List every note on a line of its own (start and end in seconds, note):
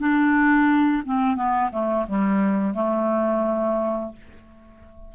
0.00 1.03 D4
1.06 1.36 C4
1.36 1.71 B3
1.72 2.07 A3
2.08 2.75 G3
2.75 4.13 A3